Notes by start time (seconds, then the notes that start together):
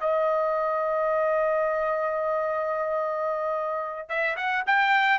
0.00 D#5
4.09 E5
4.36 F#5
4.66 G5